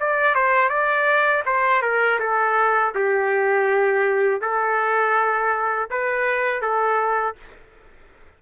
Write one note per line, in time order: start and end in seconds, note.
0.00 0.35 D5
0.35 0.69 C5
0.69 1.43 D5
1.46 1.82 C5
1.82 2.19 A#4
2.20 2.94 A4
2.95 4.41 G4
4.41 5.89 A4
5.90 6.62 B4
6.62 7.36 A4